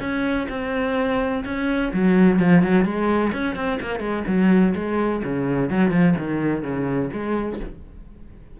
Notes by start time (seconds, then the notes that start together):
0.00 C#4
0.49 C4
1.45 C#4
1.93 F#3
2.39 F3
2.62 F#3
2.84 G#3
3.32 C#4
3.55 C4
3.81 A#3
3.99 G#3
4.27 F#3
4.75 G#3
5.24 C#3
5.70 F#3
5.91 F3
6.18 D#3
6.62 C#3
7.13 G#3